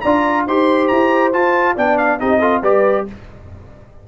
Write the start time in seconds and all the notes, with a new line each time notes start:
0.00 D4 F4 D5 A#5
0.46 D#4 G4 C5 C6
0.87 E4 A#5
1.32 F4 A5
1.75 B3 D4 D5 G5
1.97 F5
2.19 C4 D#4 G4 D#5
2.39 F4 A4
2.62 G3 G4 B4 D5